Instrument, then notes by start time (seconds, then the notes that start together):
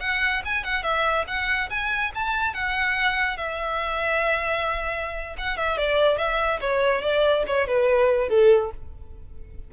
violin
0.00 F#5
0.45 G#5
0.64 F#5
0.83 E5
1.27 F#5
1.70 G#5
2.14 A5
2.53 F#5
3.37 E5
5.38 F#5
5.57 E5
5.77 D5
6.18 E5
6.60 C#5
7.01 D5
7.47 C#5
7.67 B4
8.29 A4